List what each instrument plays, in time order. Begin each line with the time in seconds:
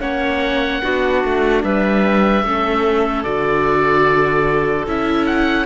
0.00 cello A#3, viola C#4, clarinet C#5, oboe F#5
0.82 cello B3, viola D4, clarinet F#4
1.24 cello A3
1.63 cello G3, clarinet B4, oboe E5
2.43 cello A3, viola C#4, clarinet A4
3.23 cello D3, viola F#4, oboe D5
4.86 cello C#4, viola E4, oboe E5
5.26 oboe F#5